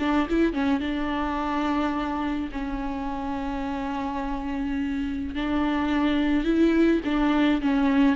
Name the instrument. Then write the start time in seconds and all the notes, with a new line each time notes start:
viola
0.00 D4
0.30 E4
0.54 C#4
0.80 D4
2.52 C#4
5.35 D4
6.45 E4
7.05 D4
7.62 C#4